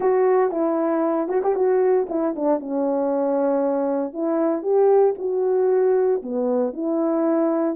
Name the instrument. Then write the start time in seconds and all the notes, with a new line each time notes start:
horn
0.00 F#4
0.51 E4
1.28 F#4
1.43 G4
1.55 F#4
2.09 E4
2.35 D4
2.59 C#4
4.13 E4
4.62 G4
5.18 F#4
6.22 B3
6.73 E4